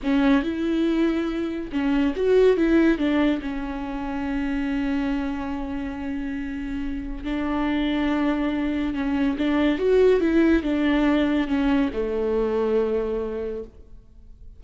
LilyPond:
\new Staff \with { instrumentName = "viola" } { \time 4/4 \tempo 4 = 141 cis'4 e'2. | cis'4 fis'4 e'4 d'4 | cis'1~ | cis'1~ |
cis'4 d'2.~ | d'4 cis'4 d'4 fis'4 | e'4 d'2 cis'4 | a1 | }